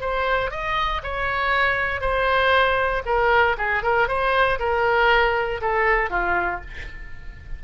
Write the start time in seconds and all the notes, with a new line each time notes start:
0.00 C5
0.51 D#5
1.03 C#5
2.01 C5
3.05 A#4
3.57 G#4
3.83 A#4
4.08 C5
4.59 A#4
5.61 A4
6.10 F4